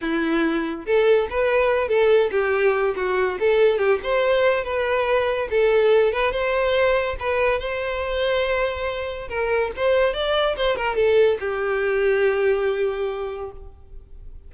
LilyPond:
\new Staff \with { instrumentName = "violin" } { \time 4/4 \tempo 4 = 142 e'2 a'4 b'4~ | b'8 a'4 g'4. fis'4 | a'4 g'8 c''4. b'4~ | b'4 a'4. b'8 c''4~ |
c''4 b'4 c''2~ | c''2 ais'4 c''4 | d''4 c''8 ais'8 a'4 g'4~ | g'1 | }